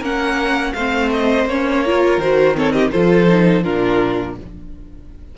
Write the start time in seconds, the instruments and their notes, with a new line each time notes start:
0.00 cello A#3, viola C#4, violin A#4 F#5
0.74 cello A3, viola C4, violin C5 F5
1.12 violin D#5
1.46 cello A#3, viola C#4, violin C#5
1.85 viola F4, violin A#4
2.18 cello D#3, viola F#4, violin C5
2.55 viola C4, violin A4 C#5
2.73 violin G4 D#5
2.92 cello F3, viola F4, violin A4 C5
3.28 viola D#4
3.64 cello A#2, viola D4, violin F4 A#4